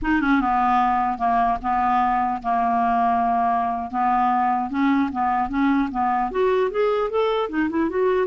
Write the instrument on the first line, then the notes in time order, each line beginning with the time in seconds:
clarinet
0.02 D#4
0.21 C#4
0.40 B3
1.17 A#3
1.62 B3
2.42 A#3
3.90 B3
4.70 C#4
5.12 B3
5.49 C#4
5.91 B3
6.31 F#4
6.70 G#4
7.10 A4
7.49 D#4
7.69 E4
7.89 F#4